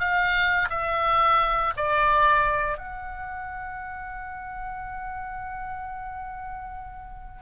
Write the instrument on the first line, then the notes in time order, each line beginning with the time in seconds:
oboe
0.00 F5
0.70 E5
1.77 D5
2.78 F#5